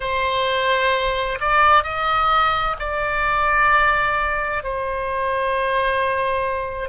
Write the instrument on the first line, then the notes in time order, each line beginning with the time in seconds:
oboe
0.00 C5
1.40 D5
1.83 D#5
2.79 D5
4.63 C5